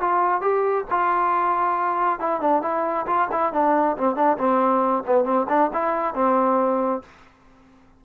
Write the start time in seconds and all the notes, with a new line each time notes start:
0.00 F4
0.41 G4
0.90 F4
2.19 E4
2.41 D4
2.62 E4
3.06 F4
3.32 E4
3.53 D4
3.97 C4
4.15 D4
4.37 C4
5.06 B3
5.24 C4
5.49 D4
5.73 E4
6.14 C4